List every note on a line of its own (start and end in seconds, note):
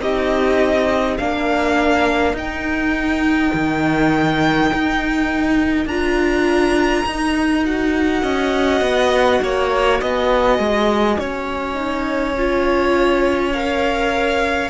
0.00 1.18 C4
0.00 1.19 D#4
0.00 1.18 G4
0.00 1.17 D#5
1.17 2.33 A#3
1.17 2.35 D4
1.17 8.22 A#4
1.17 2.35 F5
2.33 3.51 D#4
2.33 5.88 D#4
2.33 5.87 G5
3.53 4.71 D#3
4.74 5.86 D#4
5.86 7.03 D4
5.86 7.07 F4
5.86 7.64 A#5
7.06 8.23 D#4
7.06 7.65 D#4
7.65 11.74 F#4
7.65 10.01 F#5
8.22 8.81 C#4
8.22 9.40 D#5
8.81 9.40 B3
9.42 10.01 A#3
9.42 10.01 C#5
10.01 10.59 B3
10.01 11.19 D#5
10.01 13.53 G#5
10.59 11.17 G#3
11.19 14.70 C#4
11.19 14.70 C#5
11.74 12.33 D#4
12.37 13.54 F4
13.53 14.70 A#4
13.53 14.70 F5